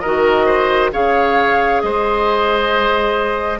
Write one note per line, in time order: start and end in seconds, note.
0.00 0.93 D#3
0.00 0.92 F#4
0.00 0.46 A#4
0.00 0.90 D#5
0.46 0.91 C5
0.92 1.83 C#3
0.92 3.60 G#4
0.92 1.83 C#5
0.92 1.81 F5
1.81 3.60 G#3
1.81 3.60 C5
1.81 3.60 D#5